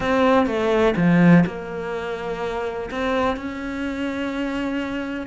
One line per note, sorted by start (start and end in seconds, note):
0.00 0.46 C4
0.46 0.94 A3
0.96 1.44 F3
1.46 2.90 A#3
2.91 3.36 C4
3.36 5.26 C#4